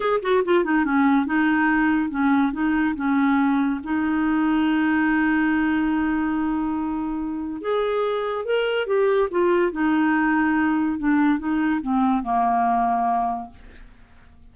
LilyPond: \new Staff \with { instrumentName = "clarinet" } { \time 4/4 \tempo 4 = 142 gis'8 fis'8 f'8 dis'8 cis'4 dis'4~ | dis'4 cis'4 dis'4 cis'4~ | cis'4 dis'2.~ | dis'1~ |
dis'2 gis'2 | ais'4 g'4 f'4 dis'4~ | dis'2 d'4 dis'4 | c'4 ais2. | }